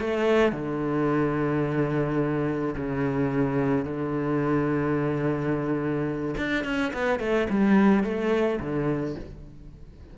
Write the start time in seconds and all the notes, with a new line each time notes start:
0.00 A3
0.52 D3
2.76 C#3
3.85 D3
6.37 D4
6.64 C#4
6.93 B3
7.19 A3
7.49 G3
8.04 A3
8.60 D3